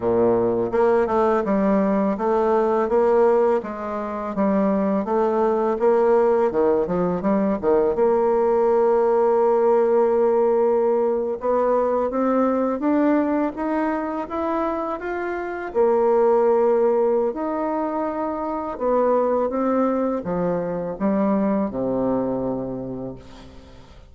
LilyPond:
\new Staff \with { instrumentName = "bassoon" } { \time 4/4 \tempo 4 = 83 ais,4 ais8 a8 g4 a4 | ais4 gis4 g4 a4 | ais4 dis8 f8 g8 dis8 ais4~ | ais2.~ ais8. b16~ |
b8. c'4 d'4 dis'4 e'16~ | e'8. f'4 ais2~ ais16 | dis'2 b4 c'4 | f4 g4 c2 | }